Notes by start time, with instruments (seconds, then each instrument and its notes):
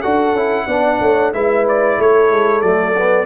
0.00 tuba D4, trombone F#4, horn A4, trumpet F#5
0.33 tuba C#4, trombone E4
0.67 tuba B3, trombone D4, horn D5
1.00 tuba A3, horn C#5
1.33 tuba G#3, trombone E4, horn B4, trumpet E5
1.69 trumpet D5
1.98 tuba A3, horn A4, trumpet C#5
2.31 tuba G#3
2.61 tuba F#3, trombone A3, trumpet D5
2.97 trombone B3